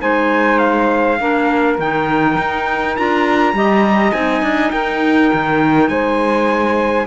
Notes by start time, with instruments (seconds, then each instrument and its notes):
0.00 cello G#3, clarinet D#4, saxophone C5, trumpet G#5
0.58 trumpet F5
1.19 cello A#3, clarinet D4, saxophone A#4
1.79 cello D#3, clarinet D#4, trumpet G5
2.38 cello D#4
2.97 cello D4, clarinet F4, trumpet A#5
3.53 cello G3, clarinet G4, saxophone D#5
4.12 cello C4, clarinet D#4, trumpet G#5
4.42 cello D4
4.71 cello D#4, saxophone A#4, trumpet G5
5.33 cello D#3
5.88 cello G#3, saxophone C5, trumpet G#5